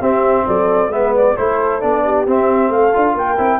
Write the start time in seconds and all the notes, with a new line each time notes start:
0.00 C4 G4 E5
0.47 F#3 A4 D5
0.88 G#3 B3 B4 E5
1.16 D5
1.36 A3 E4 A4 C5
1.80 B3 D4 D5
2.04 G4
2.27 C4 E5
2.69 A3 A4 F5
2.94 D4 F4
3.15 A#3 A#4 G5
3.37 C4 E4